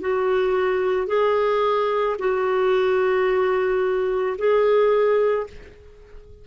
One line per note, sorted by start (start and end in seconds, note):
0.00 1.07 F#4
1.07 2.16 G#4
2.18 4.36 F#4
4.37 5.46 G#4